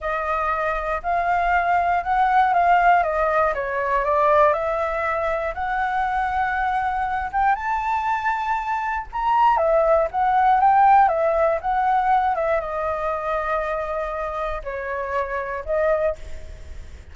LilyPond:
\new Staff \with { instrumentName = "flute" } { \time 4/4 \tempo 4 = 119 dis''2 f''2 | fis''4 f''4 dis''4 cis''4 | d''4 e''2 fis''4~ | fis''2~ fis''8 g''8 a''4~ |
a''2 ais''4 e''4 | fis''4 g''4 e''4 fis''4~ | fis''8 e''8 dis''2.~ | dis''4 cis''2 dis''4 | }